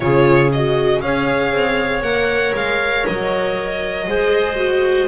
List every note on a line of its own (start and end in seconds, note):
0.00 1.00 C#3
0.00 0.51 F4
0.00 1.04 G#4
0.00 0.50 C#5
0.52 1.02 F#4
0.52 1.01 D#5
1.01 1.51 C#4
1.01 2.03 G#4
1.01 4.08 C#5
1.01 2.02 F5
1.51 2.01 C4
2.01 2.52 A#3
2.01 4.06 A#4
2.01 2.53 F#5
2.54 3.05 G#3
2.54 3.06 F5
3.06 4.07 F#3
3.06 5.08 D#5
4.06 5.08 G#3
4.06 4.56 G#4
4.06 5.08 C5
4.56 5.07 F#4